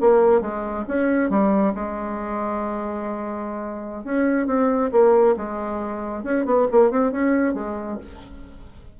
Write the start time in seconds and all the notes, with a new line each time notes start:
0.00 A#3
0.41 G#3
0.87 C#4
1.30 G3
1.74 G#3
4.04 C#4
4.46 C4
4.91 A#3
5.36 G#3
6.23 C#4
6.45 B3
6.71 A#3
6.90 C4
7.11 C#4
7.54 G#3